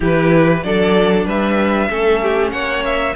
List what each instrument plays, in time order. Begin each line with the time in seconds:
0.00 cello E3, viola E4, violin G4 B4
0.63 cello F#3, viola D4, violin A4 D5
1.25 cello G3, violin B4 E5
1.89 cello A3, viola C#4, violin A4
2.22 violin G4
2.51 cello A#3, violin C#5 F#5
2.84 violin E5